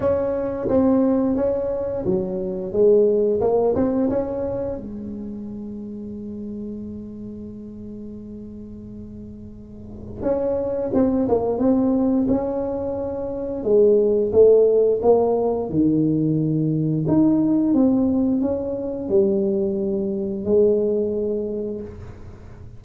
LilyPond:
\new Staff \with { instrumentName = "tuba" } { \time 4/4 \tempo 4 = 88 cis'4 c'4 cis'4 fis4 | gis4 ais8 c'8 cis'4 gis4~ | gis1~ | gis2. cis'4 |
c'8 ais8 c'4 cis'2 | gis4 a4 ais4 dis4~ | dis4 dis'4 c'4 cis'4 | g2 gis2 | }